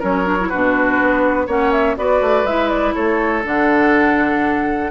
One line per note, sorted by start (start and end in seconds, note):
0.00 0.53 F#3
0.00 0.26 C#4
0.00 0.49 A#4
0.00 0.50 C#5
0.26 0.38 D4
0.40 0.52 E4
0.49 1.02 B2
0.49 1.48 D4
0.49 1.47 F#4
0.49 1.48 B4
1.02 1.48 B3
1.47 1.97 A#3
1.47 1.97 C#4
1.47 1.96 C#5
1.47 1.72 F#5
1.72 1.97 E5
1.97 2.22 B3
1.97 2.47 F#4
1.97 2.95 B4
1.97 2.47 D5
2.22 2.44 A3
2.44 2.94 G#3
2.44 3.43 E4
2.44 2.69 E5
2.69 2.93 D5
2.95 3.45 A3
2.95 4.91 A4
2.95 3.44 C#5
3.43 4.91 D3
3.43 4.91 D4
3.43 4.91 F#5